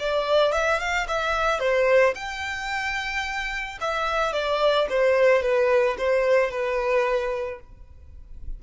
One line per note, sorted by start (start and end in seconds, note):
0.00 0.53 D5
0.53 0.80 E5
0.80 1.07 F5
1.08 1.60 E5
1.60 2.15 C5
2.15 3.79 G5
3.81 4.33 E5
4.33 4.88 D5
4.90 5.42 C5
5.42 5.97 B4
5.99 6.51 C5
6.51 7.60 B4